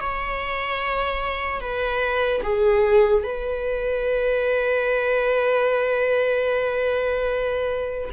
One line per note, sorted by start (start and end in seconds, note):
0.00 1.60 C#5
1.60 2.41 B4
2.43 3.23 G#4
3.23 8.09 B4